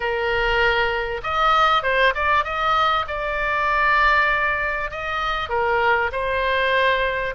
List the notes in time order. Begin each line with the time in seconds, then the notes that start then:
0.00 A#4
1.23 D#5
1.82 C5
2.14 D5
2.44 D#5
3.07 D5
4.91 D#5
5.49 A#4
6.11 C5